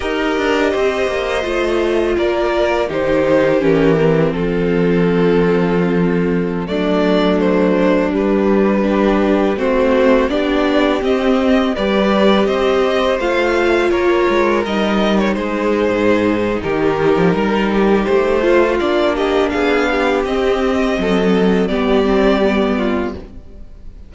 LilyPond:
<<
  \new Staff \with { instrumentName = "violin" } { \time 4/4 \tempo 4 = 83 dis''2. d''4 | c''4 ais'4 a'2~ | a'4~ a'16 d''4 c''4 b'8.~ | b'4~ b'16 c''4 d''4 dis''8.~ |
dis''16 d''4 dis''4 f''4 cis''8.~ | cis''16 dis''8. cis''16 c''4.~ c''16 ais'4~ | ais'4 c''4 d''8 dis''8 f''4 | dis''2 d''2 | }
  \new Staff \with { instrumentName = "violin" } { \time 4/4 ais'4 c''2 ais'4 | g'2 f'2~ | f'4~ f'16 d'2~ d'8.~ | d'16 g'4 fis'4 g'4.~ g'16~ |
g'16 b'4 c''2 ais'8.~ | ais'4~ ais'16 gis'4.~ gis'16 g'4 | ais'8 g'4 f'4 g'8 gis'8 g'8~ | g'4 a'4 g'4. f'8 | }
  \new Staff \with { instrumentName = "viola" } { \time 4/4 g'2 f'2 | dis'4 cis'8 c'2~ c'8~ | c'4~ c'16 a2 g8.~ | g16 d'4 c'4 d'4 c'8.~ |
c'16 g'2 f'4.~ f'16~ | f'16 dis'2.~ dis'8.~ | dis'4. f'8 d'2 | c'2 b8 c'8 b4 | }
  \new Staff \with { instrumentName = "cello" } { \time 4/4 dis'8 d'8 c'8 ais8 a4 ais4 | dis4 e4 f2~ | f4~ f16 fis2 g8.~ | g4~ g16 a4 b4 c'8.~ |
c'16 g4 c'4 a4 ais8 gis16~ | gis16 g4 gis8. gis,4 dis8. f16 | g4 a4 ais4 b4 | c'4 fis4 g2 | }
>>